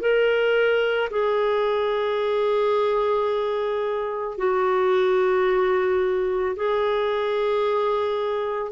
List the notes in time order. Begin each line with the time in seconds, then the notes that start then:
0.00 A#4
1.10 G#4
4.37 F#4
6.56 G#4